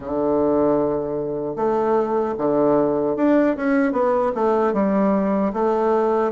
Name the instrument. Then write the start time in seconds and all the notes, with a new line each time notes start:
bassoon
0.00 D3
1.56 A3
2.38 D3
3.16 D4
3.56 C#4
3.92 B3
4.34 A3
4.73 G3
5.53 A3